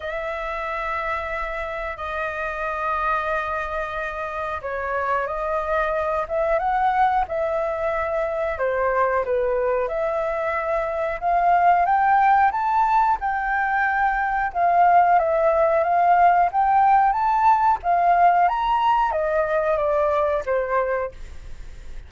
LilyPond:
\new Staff \with { instrumentName = "flute" } { \time 4/4 \tempo 4 = 91 e''2. dis''4~ | dis''2. cis''4 | dis''4. e''8 fis''4 e''4~ | e''4 c''4 b'4 e''4~ |
e''4 f''4 g''4 a''4 | g''2 f''4 e''4 | f''4 g''4 a''4 f''4 | ais''4 dis''4 d''4 c''4 | }